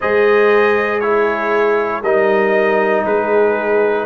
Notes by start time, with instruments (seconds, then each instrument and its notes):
0.00 tuba G#3, trombone G#4, horn C5, trumpet D#5
1.00 trombone E4, horn G#4, trumpet C#5
2.02 tuba G3, trombone D#4, horn A#4, trumpet D#5
3.04 tuba G#3, horn G#4, trumpet B4